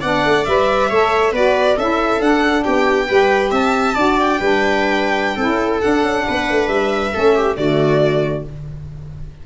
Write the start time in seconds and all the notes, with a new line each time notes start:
0.00 B3 D4 D5 F#5
0.25 A3
0.45 G3 B4 E5
0.89 A3 A4 C#5
1.32 B3 F#4 B4 D5
1.76 C#4 E4 A4 E5
2.20 D4 F#5
2.63 B3 G4 G5
3.07 G3 G4 B4
3.51 C4 E5 A5
3.95 D4 F#4 D5
4.19 G5
4.39 G3 D4 B4
5.35 C4 E4 A4
5.47 C#4
5.80 D4 F#5
6.03 C#4
6.27 B3 B4
6.50 A3
6.68 G3 E5
7.13 A3 C#4 A4
7.35 G4
7.56 D3 A3 F#4 D5